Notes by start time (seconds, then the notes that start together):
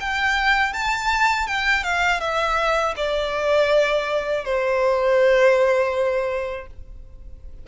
0.00 G5
0.73 A5
1.47 G5
1.84 F5
2.21 E5
2.96 D5
4.44 C5